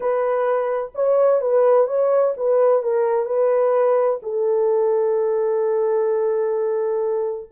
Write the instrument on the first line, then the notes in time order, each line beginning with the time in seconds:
horn
0.00 B4
0.95 C#5
1.41 B4
1.87 C#5
2.37 B4
2.83 A#4
3.25 B4
4.22 A4